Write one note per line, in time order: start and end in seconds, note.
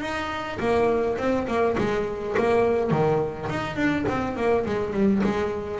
0.00 0.58 D#4
0.59 1.17 A#3
1.17 1.46 C4
1.47 1.76 A#3
1.78 2.35 G#3
2.37 2.90 A#3
2.90 3.48 D#3
3.49 3.76 D#4
3.76 4.05 D4
4.08 4.36 C4
4.36 4.65 A#3
4.65 4.93 G#3
4.93 5.22 G3
5.23 5.80 G#3